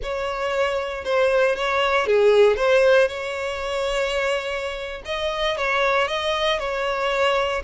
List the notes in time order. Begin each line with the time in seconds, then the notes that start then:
0.03 C#5
1.04 C5
1.55 C#5
2.06 G#4
2.56 C5
3.08 C#5
5.05 D#5
5.57 C#5
6.07 D#5
6.59 C#5